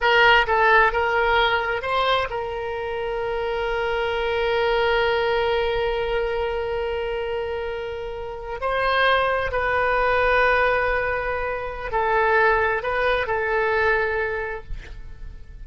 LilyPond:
\new Staff \with { instrumentName = "oboe" } { \time 4/4 \tempo 4 = 131 ais'4 a'4 ais'2 | c''4 ais'2.~ | ais'1~ | ais'1~ |
ais'2~ ais'8. c''4~ c''16~ | c''8. b'2.~ b'16~ | b'2 a'2 | b'4 a'2. | }